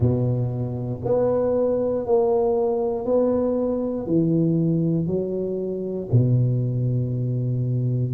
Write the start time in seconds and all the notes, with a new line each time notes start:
0.00 B2
1.04 B3
2.06 A#3
3.05 B3
4.06 E3
5.06 F#3
6.12 B2